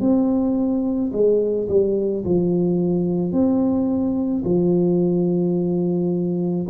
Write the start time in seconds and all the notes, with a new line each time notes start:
0.00 C4
1.13 G#3
1.68 G3
2.25 F3
3.32 C4
4.44 F3